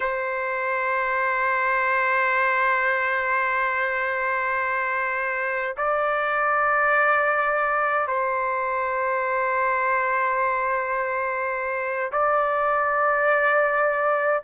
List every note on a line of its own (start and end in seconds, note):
0.00 5.75 C5
5.77 8.07 D5
8.07 12.11 C5
12.12 14.42 D5